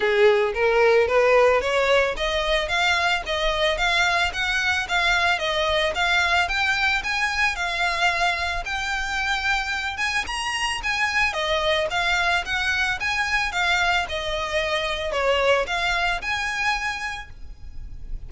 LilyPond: \new Staff \with { instrumentName = "violin" } { \time 4/4 \tempo 4 = 111 gis'4 ais'4 b'4 cis''4 | dis''4 f''4 dis''4 f''4 | fis''4 f''4 dis''4 f''4 | g''4 gis''4 f''2 |
g''2~ g''8 gis''8 ais''4 | gis''4 dis''4 f''4 fis''4 | gis''4 f''4 dis''2 | cis''4 f''4 gis''2 | }